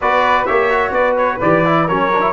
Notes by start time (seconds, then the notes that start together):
0.00 B3 F#4 B4 D5
0.45 A#3 G4 C#5 E5
0.70 F#4
0.91 B3 B4 D5
1.17 C#5
1.41 E3 G4 D5
1.65 E4
1.86 F#3 C#4 A#4 C#5
2.12 D4
2.21 E4